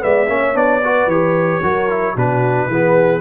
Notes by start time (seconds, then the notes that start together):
0.00 G#3 B3 D5 E5
0.28 A#3 C#4 C#5
0.54 B3 D4 D5
0.83 F#4 B4
1.06 E3 G4 C#5
1.62 F#3 F#4 A#4
1.89 E4
2.15 B2 D4 F#4 B4
2.68 E3 B3 G#4